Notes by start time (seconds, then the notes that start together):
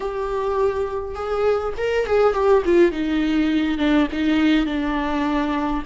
0.00 G4
1.14 G#4
1.77 A#4
2.06 G#4
2.33 G4
2.65 F4
2.91 D#4
3.78 D4
4.11 D#4
4.66 D4